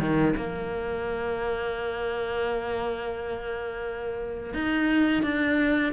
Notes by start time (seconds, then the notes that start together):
0.00 D#3
0.37 A#3
4.54 D#4
5.23 D4